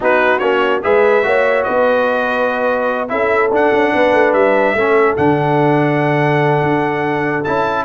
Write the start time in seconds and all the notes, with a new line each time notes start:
0.00 B3 D#4 F#4 B4
0.39 A#3 C#4 C#5
0.82 G#3 G#4 B4 E5
1.22 A#3 F#4 C#5
1.63 B3 B4 D#5
3.08 C#4 E4 A4 E5
3.51 D4 F#5
3.72 C#4
3.93 B3 B4
4.12 A3
4.33 G3 E5
4.74 A3 C#4 A4
5.16 D3 D4 F#5
6.62 D4
7.44 C#4 E4 A5